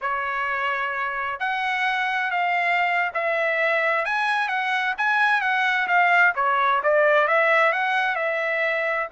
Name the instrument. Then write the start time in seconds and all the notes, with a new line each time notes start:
trumpet
0.01 C#5
1.39 F#5
2.31 F5
3.13 E5
4.05 G#5
4.48 F#5
4.97 G#5
5.41 F#5
5.87 F5
6.35 C#5
6.83 D5
7.27 E5
7.72 F#5
8.15 E5